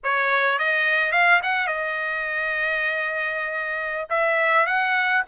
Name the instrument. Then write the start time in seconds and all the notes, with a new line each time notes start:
trumpet
0.03 C#5
0.58 D#5
1.12 F5
1.42 F#5
1.67 D#5
4.09 E5
4.66 F#5